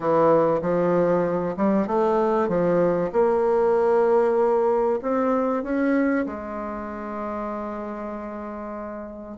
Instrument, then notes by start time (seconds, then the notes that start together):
bassoon
0.00 E3
0.61 F3
1.56 G3
1.87 A3
2.48 F3
3.12 A#3
5.02 C4
5.63 C#4
6.26 G#3